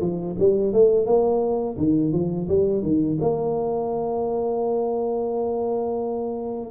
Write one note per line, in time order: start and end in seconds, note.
0.00 0.35 F3
0.39 0.73 G3
0.73 1.06 A3
1.06 1.76 A#3
1.77 2.12 D#3
2.12 2.48 F3
2.48 2.82 G3
2.82 3.17 D#3
3.21 6.71 A#3